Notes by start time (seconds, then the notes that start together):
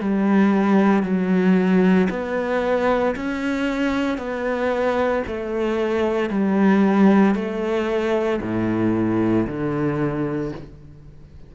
0.00 G3
1.03 F#3
2.10 B3
3.16 C#4
4.17 B3
5.27 A3
6.30 G3
7.35 A3
8.41 A2
9.47 D3